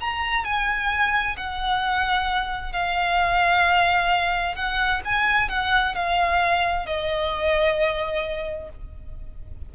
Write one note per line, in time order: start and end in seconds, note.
0.00 0.44 A#5
0.44 1.36 G#5
1.37 2.72 F#5
2.72 4.55 F5
4.55 5.01 F#5
5.05 5.49 G#5
5.49 5.94 F#5
5.95 6.86 F5
6.86 8.69 D#5